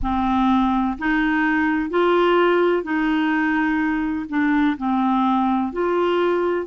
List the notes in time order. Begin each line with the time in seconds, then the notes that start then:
0.02 C4
0.98 D#4
1.90 F4
2.83 D#4
4.29 D4
4.77 C4
5.72 F4